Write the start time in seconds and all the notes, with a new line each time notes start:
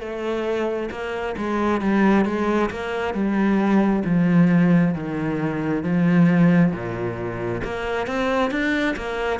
0.00 A3
0.91 A#3
1.37 G#3
1.81 G3
2.25 G#3
2.70 A#3
3.14 G3
4.05 F3
4.94 D#3
5.83 F3
6.72 A#2
7.64 A#3
8.07 C4
8.51 D4
8.96 A#3